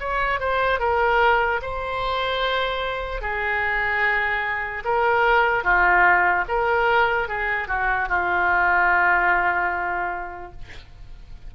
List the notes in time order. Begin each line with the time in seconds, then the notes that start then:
0.00 C#5
0.39 C5
0.79 A#4
1.62 C5
3.21 G#4
4.84 A#4
5.64 F4
6.48 A#4
7.28 G#4
7.68 F#4
8.09 F4